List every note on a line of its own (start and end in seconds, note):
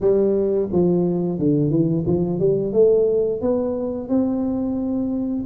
0.00 0.68 G3
0.72 1.39 F3
1.39 1.70 D3
1.70 2.04 E3
2.06 2.39 F3
2.39 2.72 G3
2.72 3.41 A3
3.41 4.08 B3
4.08 5.45 C4